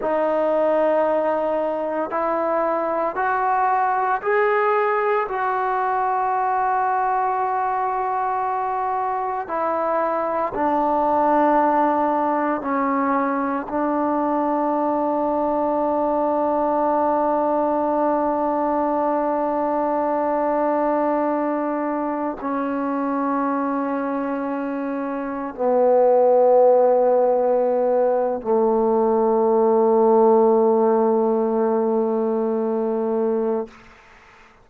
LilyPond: \new Staff \with { instrumentName = "trombone" } { \time 4/4 \tempo 4 = 57 dis'2 e'4 fis'4 | gis'4 fis'2.~ | fis'4 e'4 d'2 | cis'4 d'2.~ |
d'1~ | d'4~ d'16 cis'2~ cis'8.~ | cis'16 b2~ b8. a4~ | a1 | }